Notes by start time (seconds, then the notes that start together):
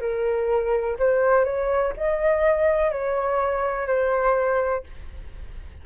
0.00 A#4
0.99 C5
1.44 C#5
1.97 D#5
2.91 C#5
3.87 C5